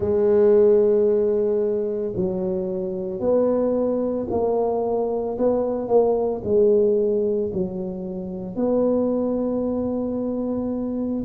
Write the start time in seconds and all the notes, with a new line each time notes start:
0.00 G#3
2.15 F#3
3.19 B3
4.30 A#3
5.38 B3
5.87 A#3
6.43 G#3
7.53 F#3
8.55 B3